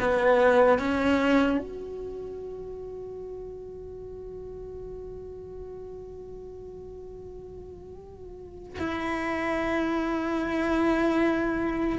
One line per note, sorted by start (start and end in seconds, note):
0.00 0.79 B3
0.79 1.59 C#4
1.59 8.79 F#4
8.79 11.99 E4